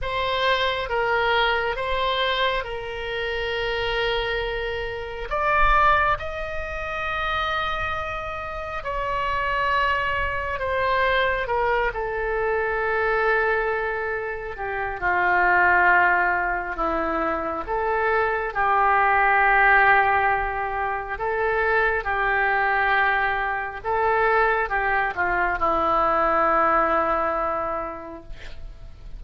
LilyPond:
\new Staff \with { instrumentName = "oboe" } { \time 4/4 \tempo 4 = 68 c''4 ais'4 c''4 ais'4~ | ais'2 d''4 dis''4~ | dis''2 cis''2 | c''4 ais'8 a'2~ a'8~ |
a'8 g'8 f'2 e'4 | a'4 g'2. | a'4 g'2 a'4 | g'8 f'8 e'2. | }